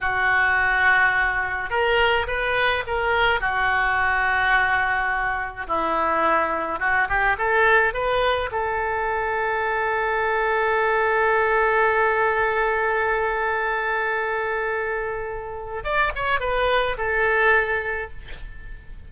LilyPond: \new Staff \with { instrumentName = "oboe" } { \time 4/4 \tempo 4 = 106 fis'2. ais'4 | b'4 ais'4 fis'2~ | fis'2 e'2 | fis'8 g'8 a'4 b'4 a'4~ |
a'1~ | a'1~ | a'1 | d''8 cis''8 b'4 a'2 | }